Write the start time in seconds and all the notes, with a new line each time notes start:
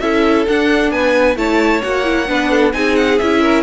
0.00 C#4 E4 A4 E5
0.48 D4 F#5
0.91 B3 B4 G#5
1.36 A3 E4 C#5 A5
1.82 A#3 F#4 F#5
2.04 E4
2.27 B3 D4 B4
2.51 A4
2.73 C4 D#4 G#4 G#5
2.96 F#5
3.19 C#4 E4 E5
3.42 A#4